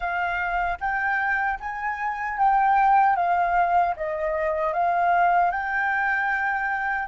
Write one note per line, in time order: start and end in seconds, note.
0.00 0.78 F5
0.80 1.59 G5
1.60 2.38 G#5
2.38 3.16 G5
3.16 3.95 F5
3.96 4.73 D#5
4.73 5.50 F5
5.50 7.07 G5